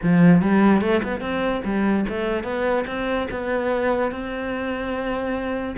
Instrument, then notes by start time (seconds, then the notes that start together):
cello
0.02 F3
0.41 G3
0.81 A3
1.03 B3
1.20 C4
1.64 G3
2.08 A3
2.43 B3
2.86 C4
3.31 B3
4.11 C4